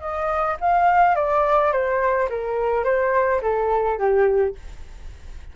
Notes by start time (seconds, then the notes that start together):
0.00 D#5
0.60 F5
1.15 D5
1.72 C5
2.29 A#4
2.84 C5
3.41 A4
3.98 G4